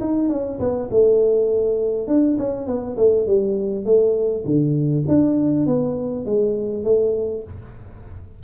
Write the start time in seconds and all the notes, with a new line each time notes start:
0.00 D#4
0.29 C#4
0.59 B3
0.90 A3
2.07 D4
2.38 C#4
2.67 B3
2.97 A3
3.26 G3
3.85 A3
4.45 D3
5.08 D4
5.66 B3
6.25 G#3
6.84 A3